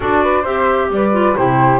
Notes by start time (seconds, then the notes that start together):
0.00 D4 F#4 A4 D5
0.23 B4
0.41 C4 G4 C5 E5
0.90 G3 B4 D5
1.12 F4
1.36 C3 E4 G4 C5